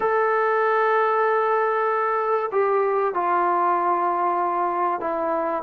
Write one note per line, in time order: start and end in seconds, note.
0.00 2.50 A4
2.51 3.13 G4
3.13 5.00 F4
5.00 5.62 E4